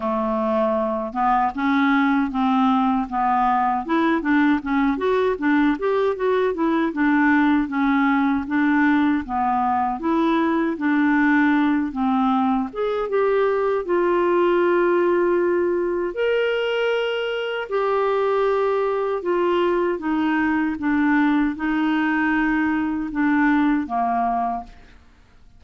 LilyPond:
\new Staff \with { instrumentName = "clarinet" } { \time 4/4 \tempo 4 = 78 a4. b8 cis'4 c'4 | b4 e'8 d'8 cis'8 fis'8 d'8 g'8 | fis'8 e'8 d'4 cis'4 d'4 | b4 e'4 d'4. c'8~ |
c'8 gis'8 g'4 f'2~ | f'4 ais'2 g'4~ | g'4 f'4 dis'4 d'4 | dis'2 d'4 ais4 | }